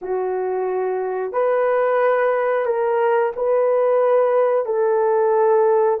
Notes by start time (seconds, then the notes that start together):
0.01 F#4
1.32 B4
2.65 A#4
3.35 B4
4.65 A4